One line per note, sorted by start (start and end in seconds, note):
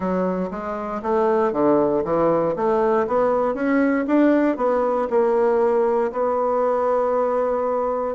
0.00 0.49 F#3
0.50 1.01 G#3
1.02 1.52 A3
1.52 2.03 D3
2.04 2.55 E3
2.55 3.06 A3
3.07 3.54 B3
3.54 4.05 C#4
4.07 4.56 D4
4.56 5.07 B3
5.10 6.11 A#3
6.12 8.15 B3